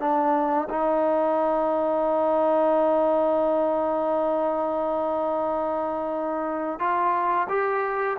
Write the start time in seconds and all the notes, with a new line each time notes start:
0.00 D4
0.69 D#4
6.79 F4
7.49 G4